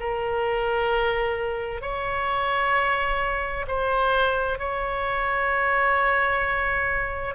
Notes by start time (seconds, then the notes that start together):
0.00 A#4
1.82 C#5
3.68 C5
4.59 C#5